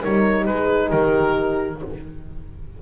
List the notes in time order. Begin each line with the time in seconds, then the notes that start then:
0.00 G3 D#4 A#4 C#5
0.45 G#3 G#4 B4
0.88 D#3 G4 A#4